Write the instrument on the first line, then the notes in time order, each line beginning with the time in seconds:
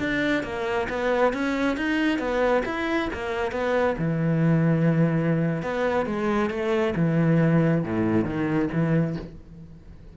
cello
0.00 D4
0.44 A#3
0.89 B3
1.34 C#4
1.77 D#4
2.19 B3
2.66 E4
3.14 A#3
3.52 B3
3.98 E3
5.63 B3
6.07 G#3
6.51 A3
6.96 E3
7.84 A2
8.25 D#3
8.73 E3